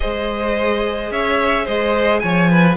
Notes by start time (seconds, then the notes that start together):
0.00 G#3 G#4 C5 D#5
1.10 C#4 C#5 E5
1.65 G#3 C5 D#5
2.19 F3 C#5 G#5
2.50 B4